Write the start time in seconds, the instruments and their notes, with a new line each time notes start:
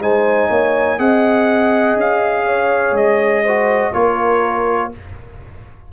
0.00 tuba G#3, trombone D#4, horn C5, trumpet G#5
0.50 tuba A#3, horn C#5
0.99 tuba C4, trombone G#4, horn D#5, trumpet F#5
1.96 tuba C#4, trumpet F5
2.46 horn C#5
2.92 tuba G#3, trumpet D#5
3.44 trombone F#4, horn C5
3.94 tuba A#3, trombone F4, horn A#4, trumpet C#5